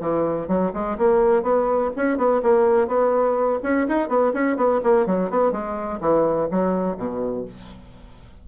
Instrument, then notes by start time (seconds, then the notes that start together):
bassoon
0.00 E3
0.47 F#3
0.73 G#3
0.98 A#3
1.42 B3
1.96 C#4
2.17 B3
2.42 A#3
2.87 B3
3.63 C#4
3.88 D#4
4.08 B3
4.33 C#4
4.56 B3
4.83 A#3
5.06 F#3
5.30 B3
5.52 G#3
6.00 E3
6.51 F#3
6.97 B2